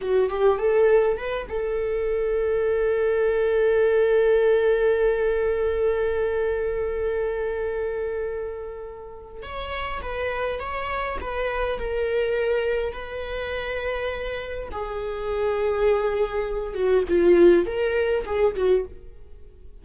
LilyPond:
\new Staff \with { instrumentName = "viola" } { \time 4/4 \tempo 4 = 102 fis'8 g'8 a'4 b'8 a'4.~ | a'1~ | a'1~ | a'1 |
cis''4 b'4 cis''4 b'4 | ais'2 b'2~ | b'4 gis'2.~ | gis'8 fis'8 f'4 ais'4 gis'8 fis'8 | }